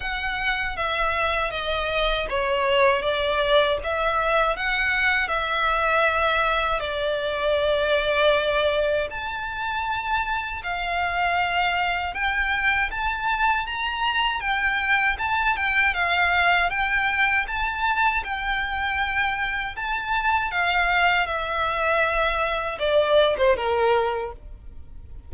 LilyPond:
\new Staff \with { instrumentName = "violin" } { \time 4/4 \tempo 4 = 79 fis''4 e''4 dis''4 cis''4 | d''4 e''4 fis''4 e''4~ | e''4 d''2. | a''2 f''2 |
g''4 a''4 ais''4 g''4 | a''8 g''8 f''4 g''4 a''4 | g''2 a''4 f''4 | e''2 d''8. c''16 ais'4 | }